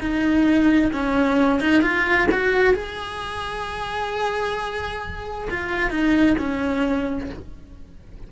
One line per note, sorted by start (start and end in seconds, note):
0.00 0.92 D#4
0.92 1.60 C#4
1.60 1.82 D#4
1.82 2.27 F4
2.31 2.74 F#4
2.74 5.49 G#4
5.50 5.90 F4
5.90 6.36 D#4
6.38 7.30 C#4